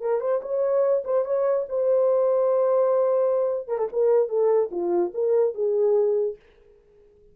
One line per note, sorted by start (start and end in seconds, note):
0.00 0.20 A#4
0.20 0.41 C5
0.42 1.03 C#5
1.04 1.25 C5
1.25 1.65 C#5
1.69 3.68 C5
3.68 3.78 A#4
3.78 3.88 A4
3.92 4.29 A#4
4.29 4.70 A4
4.71 5.12 F4
5.14 5.54 A#4
5.54 6.36 G#4